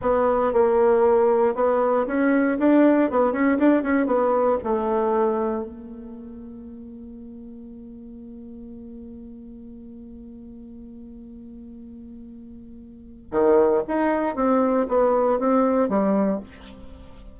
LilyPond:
\new Staff \with { instrumentName = "bassoon" } { \time 4/4 \tempo 4 = 117 b4 ais2 b4 | cis'4 d'4 b8 cis'8 d'8 cis'8 | b4 a2 ais4~ | ais1~ |
ais1~ | ais1~ | ais2 dis4 dis'4 | c'4 b4 c'4 g4 | }